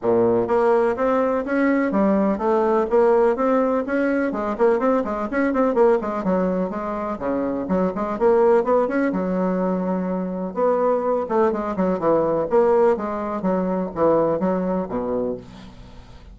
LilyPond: \new Staff \with { instrumentName = "bassoon" } { \time 4/4 \tempo 4 = 125 ais,4 ais4 c'4 cis'4 | g4 a4 ais4 c'4 | cis'4 gis8 ais8 c'8 gis8 cis'8 c'8 | ais8 gis8 fis4 gis4 cis4 |
fis8 gis8 ais4 b8 cis'8 fis4~ | fis2 b4. a8 | gis8 fis8 e4 ais4 gis4 | fis4 e4 fis4 b,4 | }